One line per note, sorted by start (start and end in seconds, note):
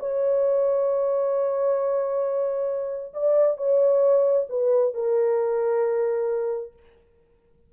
0.00 3.13 C#5
3.14 3.57 D5
3.57 4.47 C#5
4.49 4.94 B4
4.94 6.73 A#4